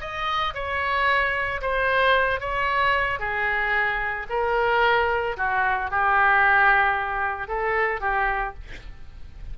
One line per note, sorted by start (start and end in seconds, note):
0.00 0.54 D#5
0.54 1.61 C#5
1.61 2.40 C5
2.40 3.19 C#5
3.19 4.26 G#4
4.29 5.36 A#4
5.37 5.90 F#4
5.90 7.48 G4
7.48 8.00 A4
8.00 8.54 G4